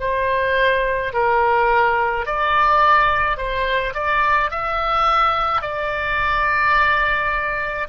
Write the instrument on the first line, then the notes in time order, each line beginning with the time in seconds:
oboe
0.00 C5
1.13 A#4
2.26 D5
3.37 C5
3.94 D5
4.50 E5
5.61 D5